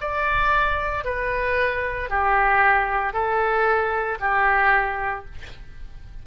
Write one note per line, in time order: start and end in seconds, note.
0.00 1.04 D5
1.04 2.09 B4
2.09 3.13 G4
3.13 4.18 A4
4.20 5.25 G4